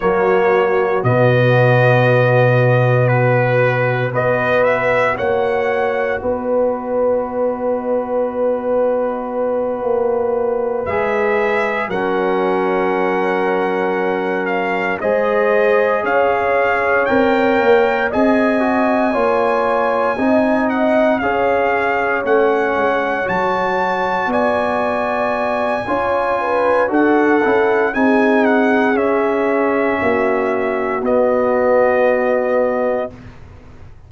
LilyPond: <<
  \new Staff \with { instrumentName = "trumpet" } { \time 4/4 \tempo 4 = 58 cis''4 dis''2 b'4 | dis''8 e''8 fis''4 dis''2~ | dis''2~ dis''8 e''4 fis''8~ | fis''2 f''8 dis''4 f''8~ |
f''8 g''4 gis''2~ gis''8 | fis''8 f''4 fis''4 a''4 gis''8~ | gis''2 fis''4 gis''8 fis''8 | e''2 dis''2 | }
  \new Staff \with { instrumentName = "horn" } { \time 4/4 fis'1 | b'4 cis''4 b'2~ | b'2.~ b'8 ais'8~ | ais'2~ ais'8 c''4 cis''8~ |
cis''4. dis''4 cis''4 dis''8~ | dis''8 cis''2. d''8~ | d''4 cis''8 b'8 a'4 gis'4~ | gis'4 fis'2. | }
  \new Staff \with { instrumentName = "trombone" } { \time 4/4 ais4 b2. | fis'1~ | fis'2~ fis'8 gis'4 cis'8~ | cis'2~ cis'8 gis'4.~ |
gis'8 ais'4 gis'8 fis'8 f'4 dis'8~ | dis'8 gis'4 cis'4 fis'4.~ | fis'4 f'4 fis'8 e'8 dis'4 | cis'2 b2 | }
  \new Staff \with { instrumentName = "tuba" } { \time 4/4 fis4 b,2. | b4 ais4 b2~ | b4. ais4 gis4 fis8~ | fis2~ fis8 gis4 cis'8~ |
cis'8 c'8 ais8 c'4 ais4 c'8~ | c'8 cis'4 a8 gis8 fis4 b8~ | b4 cis'4 d'8 cis'8 c'4 | cis'4 ais4 b2 | }
>>